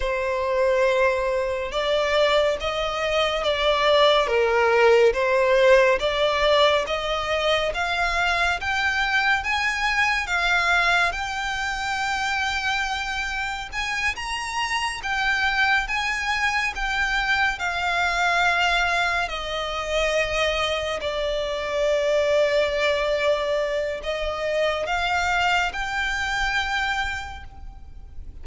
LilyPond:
\new Staff \with { instrumentName = "violin" } { \time 4/4 \tempo 4 = 70 c''2 d''4 dis''4 | d''4 ais'4 c''4 d''4 | dis''4 f''4 g''4 gis''4 | f''4 g''2. |
gis''8 ais''4 g''4 gis''4 g''8~ | g''8 f''2 dis''4.~ | dis''8 d''2.~ d''8 | dis''4 f''4 g''2 | }